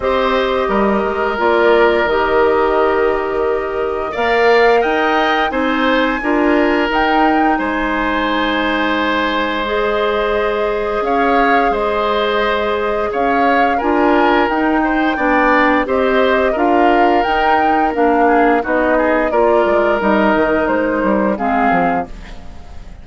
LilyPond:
<<
  \new Staff \with { instrumentName = "flute" } { \time 4/4 \tempo 4 = 87 dis''2 d''4 dis''4~ | dis''2 f''4 g''4 | gis''2 g''4 gis''4~ | gis''2 dis''2 |
f''4 dis''2 f''4 | gis''4 g''2 dis''4 | f''4 g''4 f''4 dis''4 | d''4 dis''4 c''4 f''4 | }
  \new Staff \with { instrumentName = "oboe" } { \time 4/4 c''4 ais'2.~ | ais'2 d''4 dis''4 | c''4 ais'2 c''4~ | c''1 |
cis''4 c''2 cis''4 | ais'4. c''8 d''4 c''4 | ais'2~ ais'8 gis'8 fis'8 gis'8 | ais'2. gis'4 | }
  \new Staff \with { instrumentName = "clarinet" } { \time 4/4 g'2 f'4 g'4~ | g'2 ais'2 | dis'4 f'4 dis'2~ | dis'2 gis'2~ |
gis'1 | f'4 dis'4 d'4 g'4 | f'4 dis'4 d'4 dis'4 | f'4 dis'2 c'4 | }
  \new Staff \with { instrumentName = "bassoon" } { \time 4/4 c'4 g8 gis8 ais4 dis4~ | dis2 ais4 dis'4 | c'4 d'4 dis'4 gis4~ | gis1 |
cis'4 gis2 cis'4 | d'4 dis'4 b4 c'4 | d'4 dis'4 ais4 b4 | ais8 gis8 g8 dis8 gis8 g8 gis8 f8 | }
>>